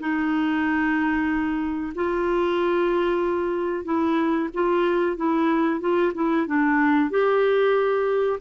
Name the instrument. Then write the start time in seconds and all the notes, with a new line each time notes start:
clarinet
0.00 D#4
1.95 F4
3.85 E4
4.54 F4
5.17 E4
5.81 F4
6.14 E4
6.47 D4
7.11 G4